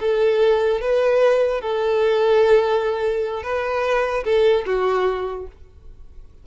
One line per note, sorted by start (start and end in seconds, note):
0.00 0.81 A4
0.81 1.61 B4
1.61 3.43 A4
3.43 4.24 B4
4.24 4.65 A4
4.66 5.47 F#4